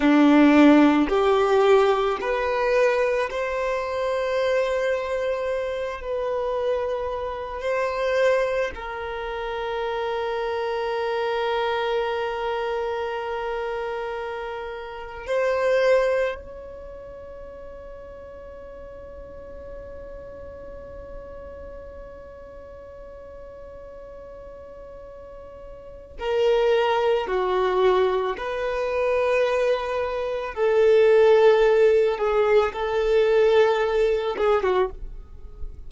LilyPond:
\new Staff \with { instrumentName = "violin" } { \time 4/4 \tempo 4 = 55 d'4 g'4 b'4 c''4~ | c''4. b'4. c''4 | ais'1~ | ais'2 c''4 cis''4~ |
cis''1~ | cis''1 | ais'4 fis'4 b'2 | a'4. gis'8 a'4. gis'16 fis'16 | }